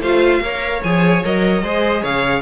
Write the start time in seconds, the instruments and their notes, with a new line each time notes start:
0.00 cello A3, viola F4, violin C5 F5
0.42 cello A#3, viola A#4, violin C#5
0.84 cello F3, viola G#4, violin G#5
1.24 cello F#3, viola A#4, violin D#5
1.63 cello G#3, viola G#4, violin C5
2.02 cello C#3, violin C#5 F5